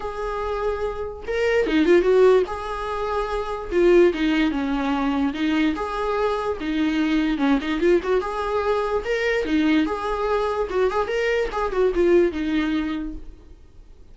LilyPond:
\new Staff \with { instrumentName = "viola" } { \time 4/4 \tempo 4 = 146 gis'2. ais'4 | dis'8 f'8 fis'4 gis'2~ | gis'4 f'4 dis'4 cis'4~ | cis'4 dis'4 gis'2 |
dis'2 cis'8 dis'8 f'8 fis'8 | gis'2 ais'4 dis'4 | gis'2 fis'8 gis'8 ais'4 | gis'8 fis'8 f'4 dis'2 | }